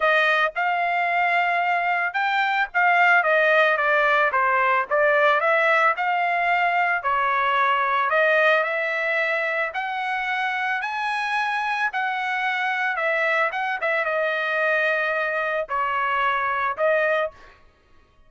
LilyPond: \new Staff \with { instrumentName = "trumpet" } { \time 4/4 \tempo 4 = 111 dis''4 f''2. | g''4 f''4 dis''4 d''4 | c''4 d''4 e''4 f''4~ | f''4 cis''2 dis''4 |
e''2 fis''2 | gis''2 fis''2 | e''4 fis''8 e''8 dis''2~ | dis''4 cis''2 dis''4 | }